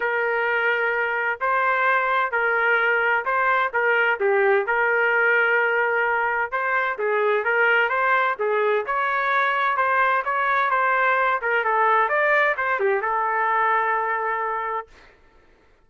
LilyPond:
\new Staff \with { instrumentName = "trumpet" } { \time 4/4 \tempo 4 = 129 ais'2. c''4~ | c''4 ais'2 c''4 | ais'4 g'4 ais'2~ | ais'2 c''4 gis'4 |
ais'4 c''4 gis'4 cis''4~ | cis''4 c''4 cis''4 c''4~ | c''8 ais'8 a'4 d''4 c''8 g'8 | a'1 | }